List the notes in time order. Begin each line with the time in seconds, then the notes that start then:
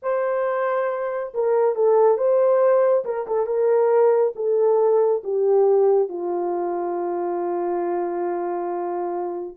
0.02 C5
1.34 A#4
1.75 A4
2.17 C5
3.04 A#4
3.27 A4
3.46 A#4
4.35 A4
5.23 G4
6.08 F4